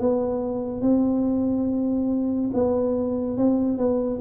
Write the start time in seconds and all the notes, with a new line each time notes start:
0.00 B3
0.82 C4
2.54 B3
3.38 C4
3.78 B3